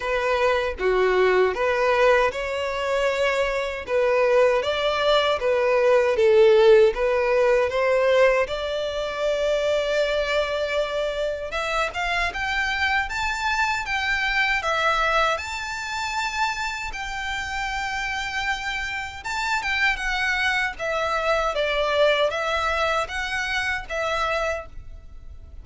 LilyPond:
\new Staff \with { instrumentName = "violin" } { \time 4/4 \tempo 4 = 78 b'4 fis'4 b'4 cis''4~ | cis''4 b'4 d''4 b'4 | a'4 b'4 c''4 d''4~ | d''2. e''8 f''8 |
g''4 a''4 g''4 e''4 | a''2 g''2~ | g''4 a''8 g''8 fis''4 e''4 | d''4 e''4 fis''4 e''4 | }